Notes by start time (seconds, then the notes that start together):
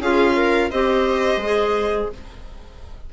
0.00 C#4 F4 G#4 F5
0.36 A#4
0.70 C4 G4 C5 D#5
1.36 G#3
1.43 G#4